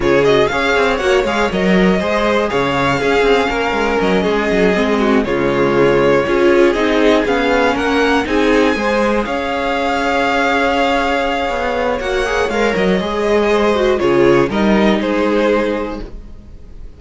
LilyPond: <<
  \new Staff \with { instrumentName = "violin" } { \time 4/4 \tempo 4 = 120 cis''8 dis''8 f''4 fis''8 f''8 dis''4~ | dis''4 f''2. | dis''2~ dis''8 cis''4.~ | cis''4. dis''4 f''4 fis''8~ |
fis''8 gis''2 f''4.~ | f''1 | fis''4 f''8 dis''2~ dis''8 | cis''4 dis''4 c''2 | }
  \new Staff \with { instrumentName = "violin" } { \time 4/4 gis'4 cis''2. | c''4 cis''4 gis'4 ais'4~ | ais'8 gis'4. fis'8 f'4.~ | f'8 gis'2. ais'8~ |
ais'8 gis'4 c''4 cis''4.~ | cis''1~ | cis''2. c''4 | gis'4 ais'4 gis'2 | }
  \new Staff \with { instrumentName = "viola" } { \time 4/4 f'8 fis'8 gis'4 fis'8 gis'8 ais'4 | gis'2 cis'2~ | cis'4. c'4 gis4.~ | gis8 f'4 dis'4 cis'4.~ |
cis'8 dis'4 gis'2~ gis'8~ | gis'1 | fis'8 gis'8 ais'4 gis'4. fis'8 | f'4 dis'2. | }
  \new Staff \with { instrumentName = "cello" } { \time 4/4 cis4 cis'8 c'8 ais8 gis8 fis4 | gis4 cis4 cis'8 c'8 ais8 gis8 | fis8 gis8 fis8 gis4 cis4.~ | cis8 cis'4 c'4 b4 ais8~ |
ais8 c'4 gis4 cis'4.~ | cis'2. b4 | ais4 gis8 fis8 gis2 | cis4 g4 gis2 | }
>>